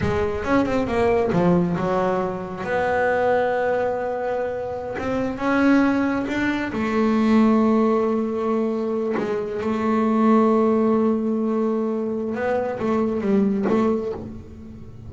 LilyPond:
\new Staff \with { instrumentName = "double bass" } { \time 4/4 \tempo 4 = 136 gis4 cis'8 c'8 ais4 f4 | fis2 b2~ | b2.~ b16 c'8.~ | c'16 cis'2 d'4 a8.~ |
a1~ | a8. gis4 a2~ a16~ | a1 | b4 a4 g4 a4 | }